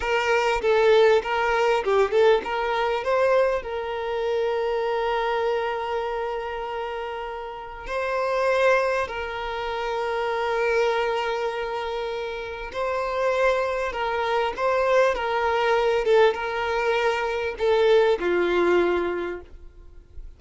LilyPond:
\new Staff \with { instrumentName = "violin" } { \time 4/4 \tempo 4 = 99 ais'4 a'4 ais'4 g'8 a'8 | ais'4 c''4 ais'2~ | ais'1~ | ais'4 c''2 ais'4~ |
ais'1~ | ais'4 c''2 ais'4 | c''4 ais'4. a'8 ais'4~ | ais'4 a'4 f'2 | }